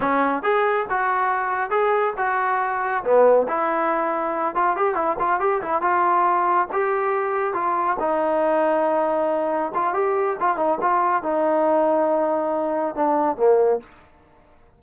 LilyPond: \new Staff \with { instrumentName = "trombone" } { \time 4/4 \tempo 4 = 139 cis'4 gis'4 fis'2 | gis'4 fis'2 b4 | e'2~ e'8 f'8 g'8 e'8 | f'8 g'8 e'8 f'2 g'8~ |
g'4. f'4 dis'4.~ | dis'2~ dis'8 f'8 g'4 | f'8 dis'8 f'4 dis'2~ | dis'2 d'4 ais4 | }